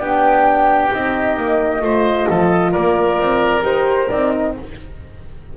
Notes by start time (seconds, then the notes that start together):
0.00 B3 D4 G4 G5
0.91 C4 D#4 D#5
1.37 A#3
1.80 A3 F4 C5
2.29 F3 A4
2.71 A#3 A#4 D5
3.19 C4
3.62 D#4 G4 C5
4.09 C4 D#4 D5
4.31 D#5